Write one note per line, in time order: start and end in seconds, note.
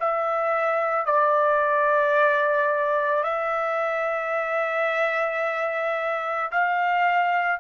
0.00 1.06 E5
1.06 3.23 D5
3.23 6.51 E5
6.52 7.60 F5